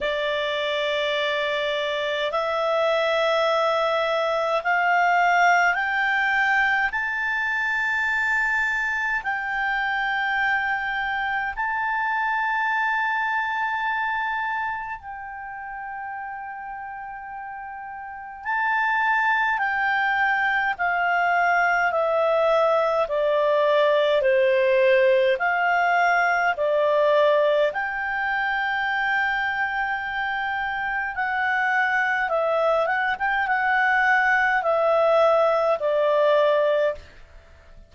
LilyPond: \new Staff \with { instrumentName = "clarinet" } { \time 4/4 \tempo 4 = 52 d''2 e''2 | f''4 g''4 a''2 | g''2 a''2~ | a''4 g''2. |
a''4 g''4 f''4 e''4 | d''4 c''4 f''4 d''4 | g''2. fis''4 | e''8 fis''16 g''16 fis''4 e''4 d''4 | }